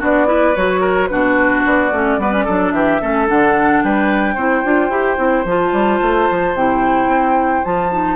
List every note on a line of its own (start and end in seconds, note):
0.00 0.56 B3
0.00 0.27 D4
0.00 0.27 F#4
0.00 0.56 D5
0.27 0.54 E4
0.27 0.81 B4
0.56 1.11 F#3
0.56 1.10 F#4
0.56 1.08 C#5
0.81 1.09 A#4
1.08 1.66 B2
1.08 1.92 D4
1.08 2.21 F#4
1.08 1.62 B4
1.66 1.92 B3
1.66 2.73 D5
1.92 2.18 A3
1.92 2.20 C#4
2.18 2.45 G3
2.18 2.33 B3
2.18 2.45 B4
2.33 2.46 C#4
2.45 2.72 F#3
2.45 3.02 D4
2.45 2.72 A4
2.72 3.00 E3
2.72 3.02 G4
2.72 3.27 E5
3.02 3.30 A3
3.02 3.28 C#4
3.02 3.84 A4
3.28 3.84 D3
3.28 4.37 D4
3.28 3.84 F#5
3.84 4.36 G3
3.84 4.35 B4
3.84 5.47 G5
4.35 4.64 C4
4.35 4.64 E4
4.35 8.16 C5
4.64 4.90 D4
4.64 4.91 F4
4.90 5.17 E4
4.90 5.18 G4
5.18 5.45 C4
5.18 5.45 E4
5.45 5.73 F3
5.45 6.57 F4
5.45 6.56 A5
5.73 6.00 G3
6.03 6.30 A3
6.31 6.55 F3
6.55 7.08 C3
6.55 7.65 E4
6.55 7.65 G5
7.08 7.62 C4
7.65 8.16 F3
7.65 7.92 F4
7.65 8.16 A5
7.92 8.16 D#4